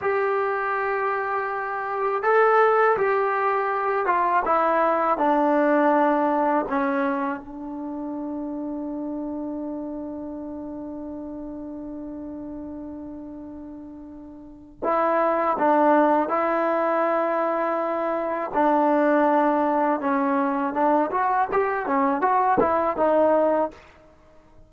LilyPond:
\new Staff \with { instrumentName = "trombone" } { \time 4/4 \tempo 4 = 81 g'2. a'4 | g'4. f'8 e'4 d'4~ | d'4 cis'4 d'2~ | d'1~ |
d'1 | e'4 d'4 e'2~ | e'4 d'2 cis'4 | d'8 fis'8 g'8 cis'8 fis'8 e'8 dis'4 | }